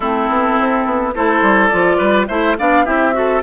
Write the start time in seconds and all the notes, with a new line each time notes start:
0.00 A3 C4 E4 A4
0.28 B3
0.59 C4
0.85 B3
1.14 A3 E4 A4 C5
1.41 G3
1.67 F3 F4 D5
1.97 G3 B4
2.27 A3 E4 C5 E5
2.58 B3 D4 D5 F5
2.85 C4 E4 G4 E5
3.12 F#4 A4